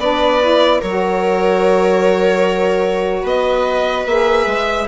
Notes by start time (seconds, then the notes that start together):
0.00 B3 D4 B4 D5
0.42 E4
0.80 F#3 A#4 C#5
0.86 F#4
3.23 B3 B4 D#5
4.06 A#3 G#4 E5
4.47 G#3